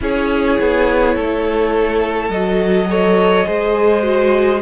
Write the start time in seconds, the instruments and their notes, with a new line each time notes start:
0.00 cello C#4, viola E4, violin G#4 C#5
0.59 cello B3
1.14 cello A3, violin A4
2.29 cello F#3, viola F#4, violin D#5
2.88 viola A4, violin C#5
3.45 cello G#3, viola G#4, violin C5
4.02 viola F#4